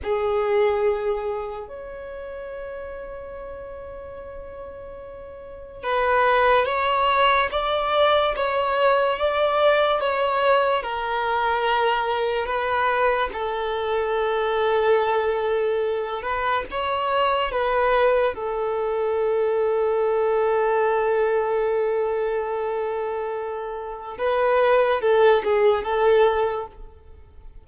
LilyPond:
\new Staff \with { instrumentName = "violin" } { \time 4/4 \tempo 4 = 72 gis'2 cis''2~ | cis''2. b'4 | cis''4 d''4 cis''4 d''4 | cis''4 ais'2 b'4 |
a'2.~ a'8 b'8 | cis''4 b'4 a'2~ | a'1~ | a'4 b'4 a'8 gis'8 a'4 | }